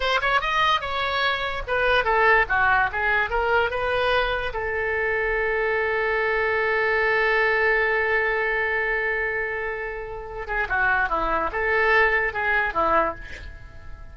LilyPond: \new Staff \with { instrumentName = "oboe" } { \time 4/4 \tempo 4 = 146 c''8 cis''8 dis''4 cis''2 | b'4 a'4 fis'4 gis'4 | ais'4 b'2 a'4~ | a'1~ |
a'1~ | a'1~ | a'4. gis'8 fis'4 e'4 | a'2 gis'4 e'4 | }